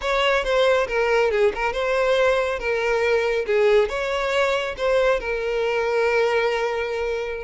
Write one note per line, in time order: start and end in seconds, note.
0.01 0.44 C#5
0.44 0.87 C5
0.87 1.30 A#4
1.30 1.52 G#4
1.55 1.73 A#4
1.73 2.59 C5
2.59 3.45 A#4
3.46 3.88 G#4
3.88 4.75 C#5
4.77 5.20 C5
5.20 7.44 A#4